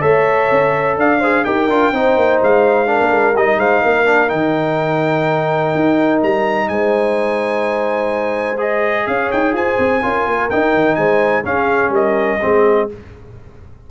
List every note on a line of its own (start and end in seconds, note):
0.00 0.50 A3
0.00 1.19 A4
0.00 0.96 C#5
0.00 0.96 E5
0.51 0.97 C#4
0.97 1.45 D4
0.97 1.19 D5
0.97 1.44 F5
1.19 1.45 G#4
1.19 1.43 C5
1.44 1.67 D#4
1.44 1.68 G4
1.44 1.93 A#4
1.44 2.39 G5
1.67 1.91 D4
1.67 1.93 F4
1.92 2.16 C4
1.92 2.86 D#4
1.92 2.88 C5
2.16 2.40 A#3
2.42 3.00 G#3
2.42 3.36 F5
2.86 3.34 D4
2.86 3.58 A#4
3.00 3.10 A#3
3.10 3.34 G#3
3.34 3.56 G3
3.34 4.05 D#4
3.34 3.59 D#5
3.56 3.80 G#3
3.56 3.82 C5
3.56 4.29 F5
3.82 4.32 A#3
3.82 6.67 A#4
4.05 4.28 D4
4.28 5.74 D#3
4.28 8.56 D#4
4.28 6.19 G5
5.74 6.22 D#4
6.22 6.69 G3
6.22 6.68 A#5
6.68 9.07 G#3
6.68 9.08 C5
6.68 8.59 G#5
8.58 10.00 G#4
8.58 9.06 D#5
9.06 9.30 C#4
9.06 9.54 C#5
9.06 9.30 F5
9.31 9.52 D#4
9.31 9.55 G5
9.52 9.76 F4
9.52 10.02 C5
9.52 10.49 G#5
9.78 10.02 C4
10.02 10.26 C#4
10.02 10.50 F4
10.02 10.97 A#4
10.26 10.49 A#3
10.49 11.43 D#4
10.49 10.74 D#4
10.49 10.95 G5
10.74 10.96 D#3
10.95 11.44 G#3
10.95 11.44 C5
10.95 11.42 G#5
11.43 12.39 C#4
11.43 11.89 C#4
11.43 11.92 G#4
11.43 11.92 F5
11.89 12.37 G3
11.89 12.39 A#4
11.89 12.90 D#5
12.40 12.90 G#3
12.40 12.89 C4
12.40 12.87 G#4